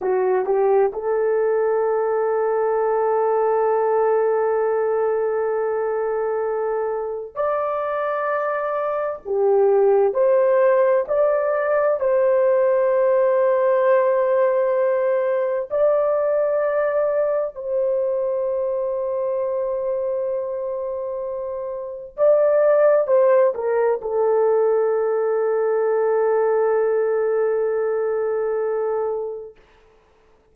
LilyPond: \new Staff \with { instrumentName = "horn" } { \time 4/4 \tempo 4 = 65 fis'8 g'8 a'2.~ | a'1 | d''2 g'4 c''4 | d''4 c''2.~ |
c''4 d''2 c''4~ | c''1 | d''4 c''8 ais'8 a'2~ | a'1 | }